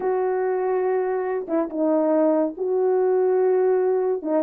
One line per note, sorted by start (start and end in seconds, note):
0.00 1.46 F#4
1.48 1.69 E4
1.69 2.54 D#4
2.57 4.22 F#4
4.22 4.43 D#4